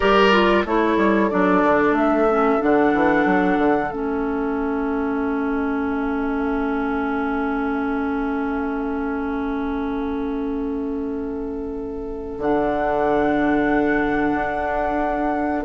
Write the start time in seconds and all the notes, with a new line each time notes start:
0.00 G3 G4 A#4 D5
0.32 F4
0.64 A3 E4 A4 C#5
0.96 G3
1.30 F#3 D4 D5
1.63 D3
1.91 A3 E5
2.29 C#4
2.59 D3 D4 F#5
2.93 E3
3.25 F#3
3.58 D3
3.89 A3 C#4 E5
12.38 D3 D4 F#5
14.33 D4